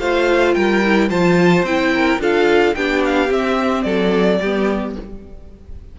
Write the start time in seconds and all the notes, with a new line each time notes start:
0.00 A3 F4 C5 F5
0.54 G3 A#4 G5
0.85 E4
1.08 F3 F4 C5 A5
1.63 C4 E4 G5
1.94 A#4
2.18 D4 F4 A4 F5
2.75 B3 D4 G4 G5
3.05 F5
3.28 C4 E5
3.83 F#3 A4 D5
4.41 G3 B3 G4